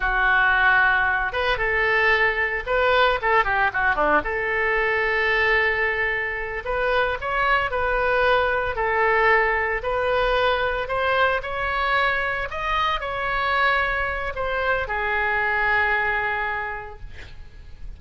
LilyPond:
\new Staff \with { instrumentName = "oboe" } { \time 4/4 \tempo 4 = 113 fis'2~ fis'8 b'8 a'4~ | a'4 b'4 a'8 g'8 fis'8 d'8 | a'1~ | a'8 b'4 cis''4 b'4.~ |
b'8 a'2 b'4.~ | b'8 c''4 cis''2 dis''8~ | dis''8 cis''2~ cis''8 c''4 | gis'1 | }